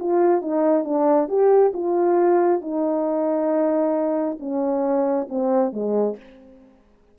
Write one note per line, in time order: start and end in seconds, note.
0.00 0.42 F4
0.42 0.85 D#4
0.85 1.29 D4
1.29 1.73 G4
1.74 2.62 F4
2.62 4.38 D#4
4.40 5.28 C#4
5.29 5.73 C4
5.73 6.17 G#3